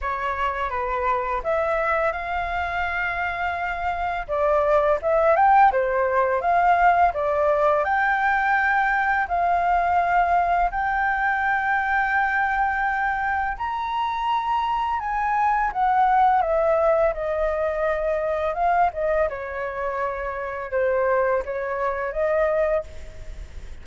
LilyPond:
\new Staff \with { instrumentName = "flute" } { \time 4/4 \tempo 4 = 84 cis''4 b'4 e''4 f''4~ | f''2 d''4 e''8 g''8 | c''4 f''4 d''4 g''4~ | g''4 f''2 g''4~ |
g''2. ais''4~ | ais''4 gis''4 fis''4 e''4 | dis''2 f''8 dis''8 cis''4~ | cis''4 c''4 cis''4 dis''4 | }